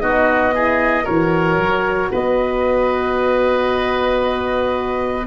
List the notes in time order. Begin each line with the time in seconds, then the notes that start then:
0.00 B3 D#4 F#4 D#5
0.53 E4 G#4
1.04 E3 F#4 A#4 C#5
1.58 F#3
2.11 B3 B4 D#5